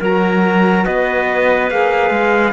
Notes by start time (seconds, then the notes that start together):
0.00 F#3 F#4 A#4 A#5
0.84 B3 B4 D#5
1.69 A#3 G#4 F5
2.11 G#3